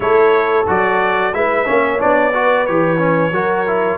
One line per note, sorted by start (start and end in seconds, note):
0.00 0.65 A3
0.00 0.65 E4
0.00 1.35 A4
0.00 0.67 C#5
0.67 1.33 F#3
0.67 1.33 F#4
0.67 1.33 D5
1.33 1.67 G#3
1.33 1.65 E4
1.33 1.67 B4
1.33 2.00 E5
1.65 2.02 A#3
1.65 1.98 C#4
1.65 2.34 C#5
1.99 2.68 B3
1.99 2.32 D4
1.99 2.66 D5
2.33 2.66 F#4
2.33 3.33 B4
2.66 3.31 E3
2.66 2.98 G4
2.66 3.98 C#5
2.98 3.31 C#4
3.31 3.98 F#3
3.31 3.66 F#4
3.31 3.98 A#4
3.66 3.98 E4